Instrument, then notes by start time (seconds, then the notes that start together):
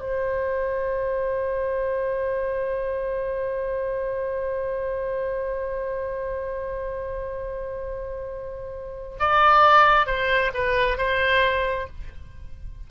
oboe
0.00 C5
9.20 D5
10.07 C5
10.54 B4
10.98 C5